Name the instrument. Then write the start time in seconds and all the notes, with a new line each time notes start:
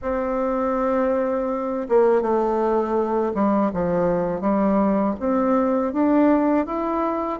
bassoon
0.02 C4
1.89 A#3
2.21 A3
3.34 G3
3.73 F3
4.40 G3
5.19 C4
5.92 D4
6.66 E4